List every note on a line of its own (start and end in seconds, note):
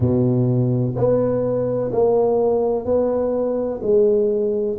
0.00 0.94 B2
0.95 1.90 B3
1.92 2.85 A#3
2.85 3.80 B3
3.82 4.77 G#3